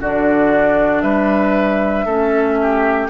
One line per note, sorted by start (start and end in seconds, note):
0.00 1.02 D3
0.00 2.07 D4
0.00 1.03 F#4
0.00 1.01 D5
1.01 2.05 G3
1.01 2.05 B4
1.01 3.08 E5
2.05 3.09 A3
2.05 3.09 C#4
2.05 2.57 A4
2.62 3.09 G4